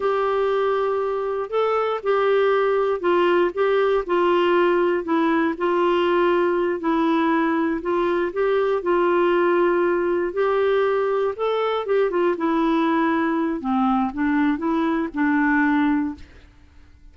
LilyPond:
\new Staff \with { instrumentName = "clarinet" } { \time 4/4 \tempo 4 = 119 g'2. a'4 | g'2 f'4 g'4 | f'2 e'4 f'4~ | f'4. e'2 f'8~ |
f'8 g'4 f'2~ f'8~ | f'8 g'2 a'4 g'8 | f'8 e'2~ e'8 c'4 | d'4 e'4 d'2 | }